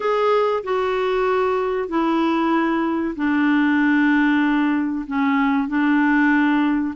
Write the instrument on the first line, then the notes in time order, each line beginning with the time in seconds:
clarinet
0.00 G#4
0.63 F#4
1.88 E4
3.16 D4
5.06 C#4
5.68 D4